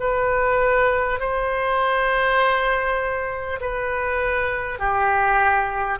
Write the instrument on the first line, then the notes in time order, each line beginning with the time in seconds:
oboe
0.00 B4
1.20 C5
3.61 B4
4.79 G4